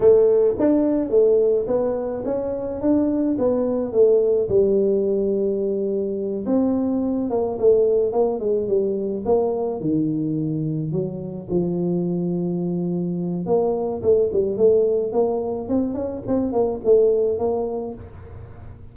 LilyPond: \new Staff \with { instrumentName = "tuba" } { \time 4/4 \tempo 4 = 107 a4 d'4 a4 b4 | cis'4 d'4 b4 a4 | g2.~ g8 c'8~ | c'4 ais8 a4 ais8 gis8 g8~ |
g8 ais4 dis2 fis8~ | fis8 f2.~ f8 | ais4 a8 g8 a4 ais4 | c'8 cis'8 c'8 ais8 a4 ais4 | }